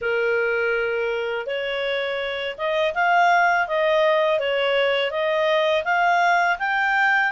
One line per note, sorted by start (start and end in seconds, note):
0.01 1.46 A#4
1.46 2.56 C#5
2.57 2.94 D#5
2.94 3.67 F5
3.67 4.39 D#5
4.39 5.10 C#5
5.10 5.83 D#5
5.84 6.57 F5
6.59 7.32 G5